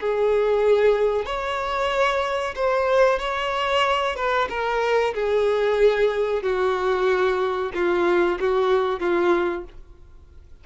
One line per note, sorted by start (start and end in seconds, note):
0.00 1.25 G#4
1.25 2.54 C#5
2.55 3.19 C5
3.19 4.16 C#5
4.16 4.48 B4
4.49 5.14 A#4
5.14 6.43 G#4
6.43 7.72 F#4
7.74 8.38 F4
8.40 9.00 F#4
9.00 9.64 F4